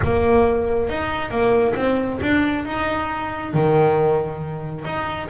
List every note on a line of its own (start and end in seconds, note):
0.03 0.89 A#3
0.89 1.30 D#4
1.30 1.74 A#3
1.75 2.19 C4
2.22 2.65 D4
2.65 3.53 D#4
3.53 4.84 D#3
4.84 5.28 D#4